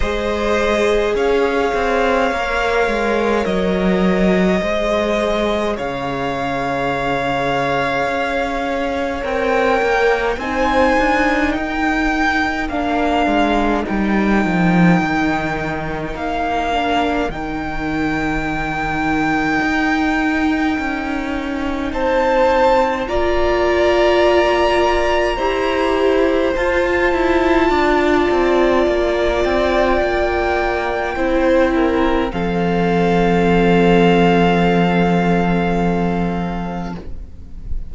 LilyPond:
<<
  \new Staff \with { instrumentName = "violin" } { \time 4/4 \tempo 4 = 52 dis''4 f''2 dis''4~ | dis''4 f''2. | g''4 gis''4 g''4 f''4 | g''2 f''4 g''4~ |
g''2. a''4 | ais''2. a''4~ | a''4. g''2~ g''8 | f''1 | }
  \new Staff \with { instrumentName = "violin" } { \time 4/4 c''4 cis''2. | c''4 cis''2.~ | cis''4 c''4 ais'2~ | ais'1~ |
ais'2. c''4 | d''2 c''2 | d''2. c''8 ais'8 | a'1 | }
  \new Staff \with { instrumentName = "viola" } { \time 4/4 gis'2 ais'2 | gis'1 | ais'4 dis'2 d'4 | dis'2~ dis'8 d'8 dis'4~ |
dis'1 | f'2 g'4 f'4~ | f'2. e'4 | c'1 | }
  \new Staff \with { instrumentName = "cello" } { \time 4/4 gis4 cis'8 c'8 ais8 gis8 fis4 | gis4 cis2 cis'4 | c'8 ais8 c'8 d'8 dis'4 ais8 gis8 | g8 f8 dis4 ais4 dis4~ |
dis4 dis'4 cis'4 c'4 | ais2 e'4 f'8 e'8 | d'8 c'8 ais8 c'8 ais4 c'4 | f1 | }
>>